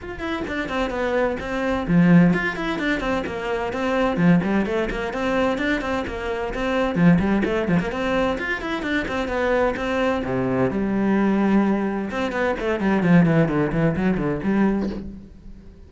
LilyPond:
\new Staff \with { instrumentName = "cello" } { \time 4/4 \tempo 4 = 129 f'8 e'8 d'8 c'8 b4 c'4 | f4 f'8 e'8 d'8 c'8 ais4 | c'4 f8 g8 a8 ais8 c'4 | d'8 c'8 ais4 c'4 f8 g8 |
a8 f16 ais16 c'4 f'8 e'8 d'8 c'8 | b4 c'4 c4 g4~ | g2 c'8 b8 a8 g8 | f8 e8 d8 e8 fis8 d8 g4 | }